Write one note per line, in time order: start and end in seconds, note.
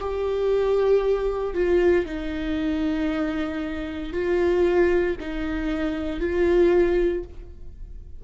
0.00 1.54 G4
1.54 2.06 F4
2.06 4.13 D#4
4.13 5.16 F4
5.21 6.20 D#4
6.20 7.24 F4